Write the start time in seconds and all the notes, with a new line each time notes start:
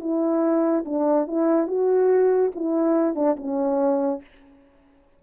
0.00 E4
0.85 D4
1.27 E4
1.67 F#4
2.55 E4
3.15 D4
3.36 C#4